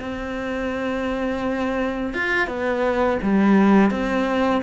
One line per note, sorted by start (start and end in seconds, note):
0.00 2.14 C4
2.14 2.47 F4
2.47 3.19 B3
3.23 3.91 G3
3.91 4.62 C4